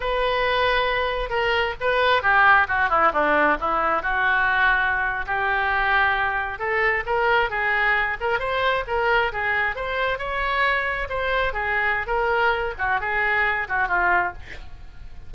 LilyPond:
\new Staff \with { instrumentName = "oboe" } { \time 4/4 \tempo 4 = 134 b'2. ais'4 | b'4 g'4 fis'8 e'8 d'4 | e'4 fis'2~ fis'8. g'16~ | g'2~ g'8. a'4 ais'16~ |
ais'8. gis'4. ais'8 c''4 ais'16~ | ais'8. gis'4 c''4 cis''4~ cis''16~ | cis''8. c''4 gis'4~ gis'16 ais'4~ | ais'8 fis'8 gis'4. fis'8 f'4 | }